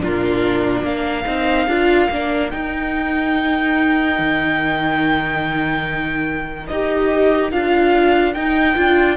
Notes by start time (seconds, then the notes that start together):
0.00 A#2 D4 F4 A#4
0.83 A#3 A#4 F5
1.26 C4 D#4
1.67 D4 F4
2.10 A#3 D4
2.50 D#4 G5
4.19 D#3
6.68 D#4 G4 D#5
7.52 D4 F4 F5
8.34 D#4 G5
8.76 D4 F4